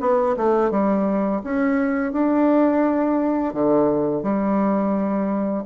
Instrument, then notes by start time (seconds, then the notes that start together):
bassoon
0.00 B3
0.36 A3
0.71 G3
1.43 C#4
2.12 D4
3.53 D3
4.23 G3